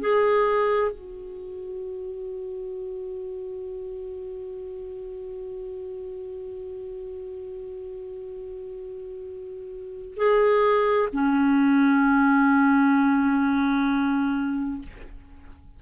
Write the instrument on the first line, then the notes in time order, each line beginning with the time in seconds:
clarinet
0.00 G#4
0.91 F#4
10.16 G#4
11.13 C#4